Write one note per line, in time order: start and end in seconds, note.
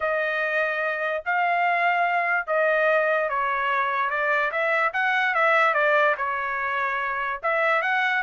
0.00 1.23 D#5
1.25 2.47 F5
2.47 3.29 D#5
3.29 4.10 C#5
4.10 4.51 D5
4.51 4.92 E5
4.93 5.34 F#5
5.34 5.74 E5
5.74 6.15 D5
6.17 7.40 C#5
7.42 7.81 E5
7.81 8.22 F#5